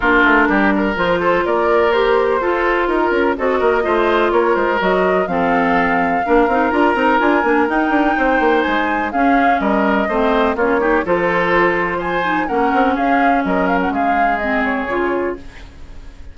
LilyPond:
<<
  \new Staff \with { instrumentName = "flute" } { \time 4/4 \tempo 4 = 125 ais'2 c''4 d''4 | c''2 ais'4 dis''4~ | dis''4 cis''8 c''8 dis''4 f''4~ | f''2 ais''4 gis''4 |
g''2 gis''4 f''4 | dis''2 cis''4 c''4~ | c''4 gis''4 fis''4 f''4 | dis''8 f''16 fis''16 f''4 dis''8 cis''4. | }
  \new Staff \with { instrumentName = "oboe" } { \time 4/4 f'4 g'8 ais'4 a'8 ais'4~ | ais'4 a'4 ais'4 a'8 ais'8 | c''4 ais'2 a'4~ | a'4 ais'2.~ |
ais'4 c''2 gis'4 | ais'4 c''4 f'8 g'8 a'4~ | a'4 c''4 ais'4 gis'4 | ais'4 gis'2. | }
  \new Staff \with { instrumentName = "clarinet" } { \time 4/4 d'2 f'2 | g'4 f'2 fis'4 | f'2 fis'4 c'4~ | c'4 d'8 dis'8 f'8 dis'8 f'8 d'8 |
dis'2. cis'4~ | cis'4 c'4 cis'8 dis'8 f'4~ | f'4. dis'8 cis'2~ | cis'2 c'4 f'4 | }
  \new Staff \with { instrumentName = "bassoon" } { \time 4/4 ais8 a8 g4 f4 ais4~ | ais4 f'4 dis'8 cis'8 c'8 ais8 | a4 ais8 gis8 fis4 f4~ | f4 ais8 c'8 d'8 c'8 d'8 ais8 |
dis'8 d'8 c'8 ais8 gis4 cis'4 | g4 a4 ais4 f4~ | f2 ais8 c'8 cis'4 | fis4 gis2 cis4 | }
>>